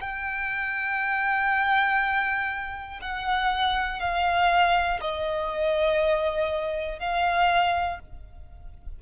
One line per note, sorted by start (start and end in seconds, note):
0.00 3.00 G5
3.00 4.00 F#5
4.00 5.00 F5
5.00 6.99 D#5
6.99 7.99 F5